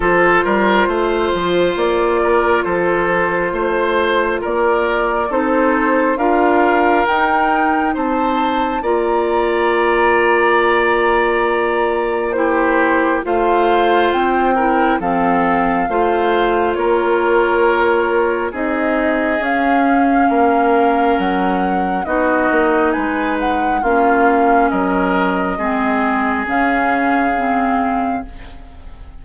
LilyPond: <<
  \new Staff \with { instrumentName = "flute" } { \time 4/4 \tempo 4 = 68 c''2 d''4 c''4~ | c''4 d''4 c''4 f''4 | g''4 a''4 ais''2~ | ais''2 c''4 f''4 |
g''4 f''2 cis''4~ | cis''4 dis''4 f''2 | fis''4 dis''4 gis''8 fis''8 f''4 | dis''2 f''2 | }
  \new Staff \with { instrumentName = "oboe" } { \time 4/4 a'8 ais'8 c''4. ais'8 a'4 | c''4 ais'4 a'4 ais'4~ | ais'4 c''4 d''2~ | d''2 g'4 c''4~ |
c''8 ais'8 a'4 c''4 ais'4~ | ais'4 gis'2 ais'4~ | ais'4 fis'4 b'4 f'4 | ais'4 gis'2. | }
  \new Staff \with { instrumentName = "clarinet" } { \time 4/4 f'1~ | f'2 dis'4 f'4 | dis'2 f'2~ | f'2 e'4 f'4~ |
f'8 e'8 c'4 f'2~ | f'4 dis'4 cis'2~ | cis'4 dis'2 cis'4~ | cis'4 c'4 cis'4 c'4 | }
  \new Staff \with { instrumentName = "bassoon" } { \time 4/4 f8 g8 a8 f8 ais4 f4 | a4 ais4 c'4 d'4 | dis'4 c'4 ais2~ | ais2. a4 |
c'4 f4 a4 ais4~ | ais4 c'4 cis'4 ais4 | fis4 b8 ais8 gis4 ais4 | fis4 gis4 cis2 | }
>>